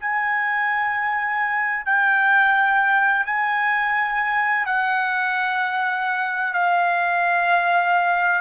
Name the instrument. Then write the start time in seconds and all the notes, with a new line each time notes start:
trumpet
0.00 G#5
1.86 G5
3.26 G#5
4.66 F#5
6.54 F5